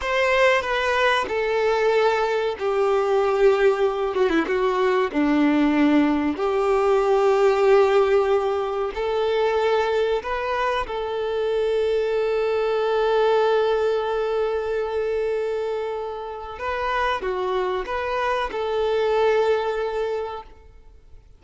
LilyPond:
\new Staff \with { instrumentName = "violin" } { \time 4/4 \tempo 4 = 94 c''4 b'4 a'2 | g'2~ g'8 fis'16 e'16 fis'4 | d'2 g'2~ | g'2 a'2 |
b'4 a'2.~ | a'1~ | a'2 b'4 fis'4 | b'4 a'2. | }